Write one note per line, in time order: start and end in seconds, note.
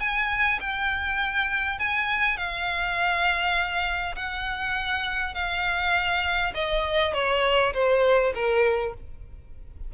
0.00 0.59 G#5
0.60 1.79 G5
1.79 2.37 G#5
2.37 4.15 F5
4.16 5.34 F#5
5.35 6.53 F5
6.55 7.14 D#5
7.14 7.73 C#5
7.74 8.33 C5
8.34 8.94 A#4